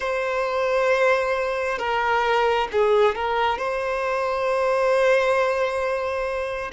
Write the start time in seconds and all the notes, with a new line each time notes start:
0.00 C5
1.78 A#4
2.72 G#4
3.15 A#4
3.57 C5